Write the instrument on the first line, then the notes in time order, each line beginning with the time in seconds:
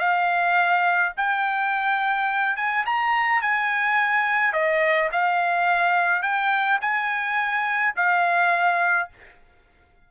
trumpet
0.00 F5
1.17 G5
2.57 G#5
2.86 A#5
3.42 G#5
4.53 D#5
5.12 F5
6.23 G5
6.82 G#5
7.96 F5